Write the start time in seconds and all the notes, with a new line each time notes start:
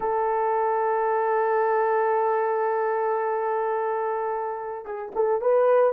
0.00 A4
4.85 G#4
5.15 A4
5.41 B4